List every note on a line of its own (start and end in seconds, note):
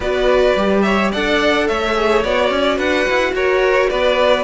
0.00 0.52 B3
0.00 0.57 F#4
0.00 0.83 B4
0.00 0.81 D5
0.56 1.11 G3
0.56 1.12 G4
0.81 1.11 C#5
0.81 1.09 E5
1.11 1.68 D4
1.11 1.95 A4
1.11 1.67 D5
1.11 1.67 F#5
1.67 2.23 A3
1.67 2.77 C#5
1.67 2.23 E5
1.95 2.22 G#4
2.23 2.50 B3
2.23 4.44 F#4
2.23 2.78 D5
2.50 2.78 C#4
2.77 3.05 D4
2.77 3.32 B4
2.77 3.34 F#5
3.09 3.32 E4
3.32 3.88 F#4
3.32 3.89 A#4
3.32 3.89 C#5
3.89 4.44 B3
3.89 4.44 B4
3.89 4.44 D5